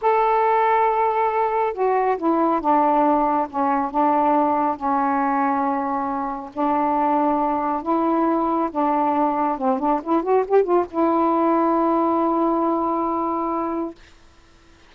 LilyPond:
\new Staff \with { instrumentName = "saxophone" } { \time 4/4 \tempo 4 = 138 a'1 | fis'4 e'4 d'2 | cis'4 d'2 cis'4~ | cis'2. d'4~ |
d'2 e'2 | d'2 c'8 d'8 e'8 fis'8 | g'8 f'8 e'2.~ | e'1 | }